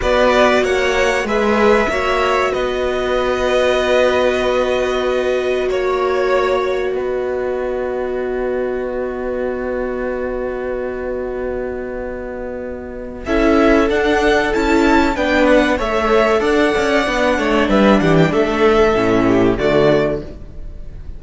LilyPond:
<<
  \new Staff \with { instrumentName = "violin" } { \time 4/4 \tempo 4 = 95 d''4 fis''4 e''2 | dis''1~ | dis''4 cis''2 dis''4~ | dis''1~ |
dis''1~ | dis''4 e''4 fis''4 a''4 | g''8 fis''8 e''4 fis''2 | e''8 fis''16 g''16 e''2 d''4 | }
  \new Staff \with { instrumentName = "violin" } { \time 4/4 b'4 cis''4 b'4 cis''4 | b'1~ | b'4 cis''2 b'4~ | b'1~ |
b'1~ | b'4 a'2. | b'4 cis''4 d''4. cis''8 | b'8 g'8 a'4. g'8 fis'4 | }
  \new Staff \with { instrumentName = "viola" } { \time 4/4 fis'2 gis'4 fis'4~ | fis'1~ | fis'1~ | fis'1~ |
fis'1~ | fis'4 e'4 d'4 e'4 | d'4 a'2 d'4~ | d'2 cis'4 a4 | }
  \new Staff \with { instrumentName = "cello" } { \time 4/4 b4 ais4 gis4 ais4 | b1~ | b4 ais2 b4~ | b1~ |
b1~ | b4 cis'4 d'4 cis'4 | b4 a4 d'8 cis'8 b8 a8 | g8 e8 a4 a,4 d4 | }
>>